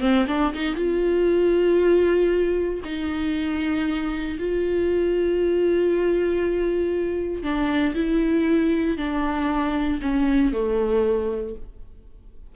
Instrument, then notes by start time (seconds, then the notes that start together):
viola
0.00 C4
0.27 D4
0.53 D#4
0.75 F4
2.84 D#4
4.39 F4
7.43 D4
7.95 E4
8.97 D4
10.02 C#4
10.52 A3